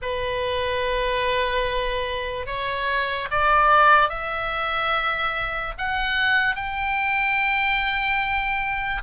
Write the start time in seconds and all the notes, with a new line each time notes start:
0.02 B4
2.46 C#5
3.30 D5
4.09 E5
5.78 F#5
6.55 G5